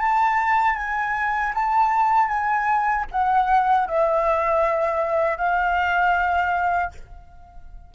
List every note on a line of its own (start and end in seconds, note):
0.00 0.76 A5
0.76 1.53 G#5
1.55 2.28 A5
2.28 3.05 G#5
3.12 3.88 F#5
3.88 5.37 E5
5.37 6.91 F5